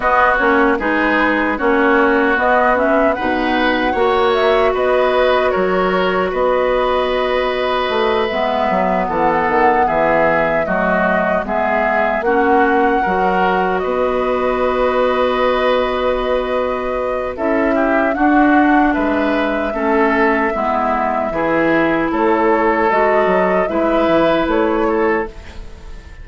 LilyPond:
<<
  \new Staff \with { instrumentName = "flute" } { \time 4/4 \tempo 4 = 76 dis''8 cis''8 b'4 cis''4 dis''8 e''8 | fis''4. e''8 dis''4 cis''4 | dis''2~ dis''8 e''4 fis''8~ | fis''8 e''4 dis''4 e''4 fis''8~ |
fis''4. dis''2~ dis''8~ | dis''2 e''4 fis''4 | e''1 | cis''4 dis''4 e''4 cis''4 | }
  \new Staff \with { instrumentName = "oboe" } { \time 4/4 fis'4 gis'4 fis'2 | b'4 cis''4 b'4 ais'4 | b'2.~ b'8 a'8~ | a'8 gis'4 fis'4 gis'4 fis'8~ |
fis'8 ais'4 b'2~ b'8~ | b'2 a'8 g'8 fis'4 | b'4 a'4 e'4 gis'4 | a'2 b'4. a'8 | }
  \new Staff \with { instrumentName = "clarinet" } { \time 4/4 b8 cis'8 dis'4 cis'4 b8 cis'8 | dis'4 fis'2.~ | fis'2~ fis'8 b4.~ | b4. a4 b4 cis'8~ |
cis'8 fis'2.~ fis'8~ | fis'2 e'4 d'4~ | d'4 cis'4 b4 e'4~ | e'4 fis'4 e'2 | }
  \new Staff \with { instrumentName = "bassoon" } { \time 4/4 b8 ais8 gis4 ais4 b4 | b,4 ais4 b4 fis4 | b2 a8 gis8 fis8 e8 | dis8 e4 fis4 gis4 ais8~ |
ais8 fis4 b2~ b8~ | b2 cis'4 d'4 | gis4 a4 gis4 e4 | a4 gis8 fis8 gis8 e8 a4 | }
>>